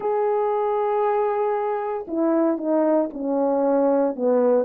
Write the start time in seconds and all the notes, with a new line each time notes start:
0.00 G#4
2.07 E4
2.57 D#4
3.13 C#4
4.15 B3